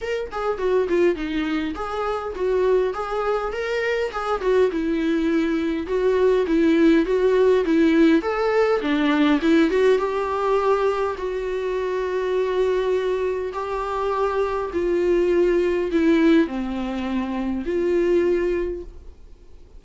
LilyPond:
\new Staff \with { instrumentName = "viola" } { \time 4/4 \tempo 4 = 102 ais'8 gis'8 fis'8 f'8 dis'4 gis'4 | fis'4 gis'4 ais'4 gis'8 fis'8 | e'2 fis'4 e'4 | fis'4 e'4 a'4 d'4 |
e'8 fis'8 g'2 fis'4~ | fis'2. g'4~ | g'4 f'2 e'4 | c'2 f'2 | }